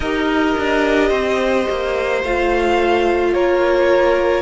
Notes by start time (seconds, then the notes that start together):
0.00 D#4 G4 A#4 D#5
0.58 D4
1.09 C4 C5
1.69 A#3
2.23 A3 F4 F5
3.33 A#3 A#4 C#5